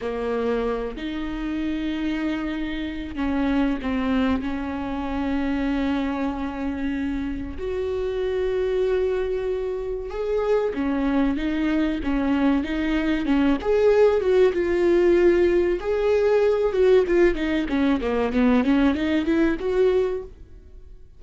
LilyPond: \new Staff \with { instrumentName = "viola" } { \time 4/4 \tempo 4 = 95 ais4. dis'2~ dis'8~ | dis'4 cis'4 c'4 cis'4~ | cis'1 | fis'1 |
gis'4 cis'4 dis'4 cis'4 | dis'4 cis'8 gis'4 fis'8 f'4~ | f'4 gis'4. fis'8 f'8 dis'8 | cis'8 ais8 b8 cis'8 dis'8 e'8 fis'4 | }